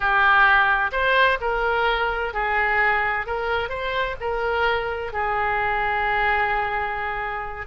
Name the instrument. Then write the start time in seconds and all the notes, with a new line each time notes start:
oboe
0.00 G4
0.92 C5
1.41 A#4
2.33 G#4
3.26 A#4
3.69 C5
4.20 A#4
5.12 G#4